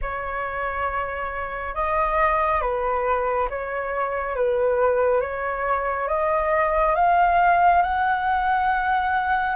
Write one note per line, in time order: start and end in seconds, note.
0.01 1.74 C#5
1.74 2.61 D#5
2.61 3.48 B4
3.49 4.35 C#5
4.35 5.21 B4
5.21 6.08 C#5
6.08 6.95 D#5
6.95 7.82 F5
7.82 9.56 F#5